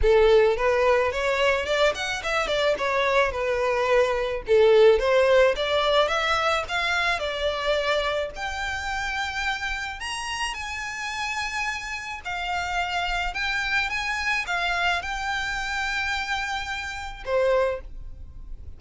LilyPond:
\new Staff \with { instrumentName = "violin" } { \time 4/4 \tempo 4 = 108 a'4 b'4 cis''4 d''8 fis''8 | e''8 d''8 cis''4 b'2 | a'4 c''4 d''4 e''4 | f''4 d''2 g''4~ |
g''2 ais''4 gis''4~ | gis''2 f''2 | g''4 gis''4 f''4 g''4~ | g''2. c''4 | }